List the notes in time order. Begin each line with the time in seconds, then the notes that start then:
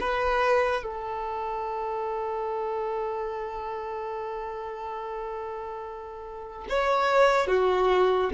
0.00 B4
0.83 A4
6.69 C#5
7.47 F#4